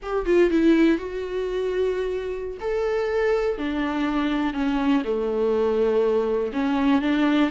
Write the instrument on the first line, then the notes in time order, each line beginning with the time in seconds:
viola
0.02 G4
0.25 F4
0.50 E4
0.98 F#4
2.60 A4
3.58 D4
4.53 C#4
5.04 A3
6.52 C#4
7.01 D4